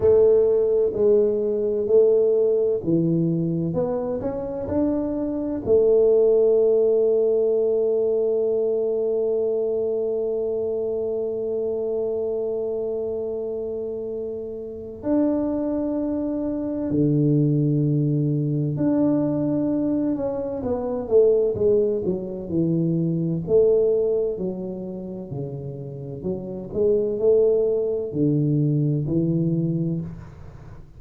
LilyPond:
\new Staff \with { instrumentName = "tuba" } { \time 4/4 \tempo 4 = 64 a4 gis4 a4 e4 | b8 cis'8 d'4 a2~ | a1~ | a1 |
d'2 d2 | d'4. cis'8 b8 a8 gis8 fis8 | e4 a4 fis4 cis4 | fis8 gis8 a4 d4 e4 | }